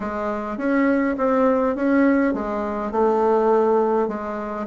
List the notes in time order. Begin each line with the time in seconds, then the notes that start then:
0.00 G#3
0.57 C#4
1.17 C4
1.75 C#4
2.33 G#3
2.91 A3
4.08 G#3